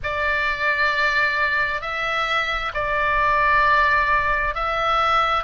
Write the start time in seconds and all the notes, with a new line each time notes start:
0.02 D5
1.81 E5
2.74 D5
4.55 E5